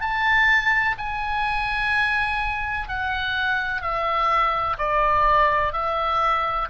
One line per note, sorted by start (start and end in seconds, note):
0.00 0.95 A5
0.98 2.88 G#5
2.88 3.81 F#5
3.81 4.76 E5
4.77 5.73 D5
5.73 6.68 E5